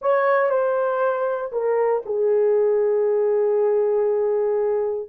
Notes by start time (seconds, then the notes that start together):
0.01 C#5
0.49 C5
1.51 A#4
2.05 G#4